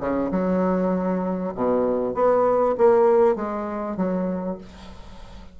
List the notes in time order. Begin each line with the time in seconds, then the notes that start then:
0.00 C#3
0.31 F#3
1.55 B2
2.15 B3
2.77 A#3
3.35 G#3
3.97 F#3